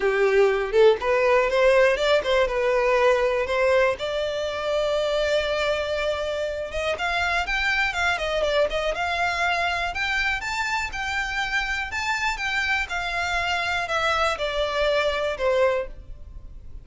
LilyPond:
\new Staff \with { instrumentName = "violin" } { \time 4/4 \tempo 4 = 121 g'4. a'8 b'4 c''4 | d''8 c''8 b'2 c''4 | d''1~ | d''4. dis''8 f''4 g''4 |
f''8 dis''8 d''8 dis''8 f''2 | g''4 a''4 g''2 | a''4 g''4 f''2 | e''4 d''2 c''4 | }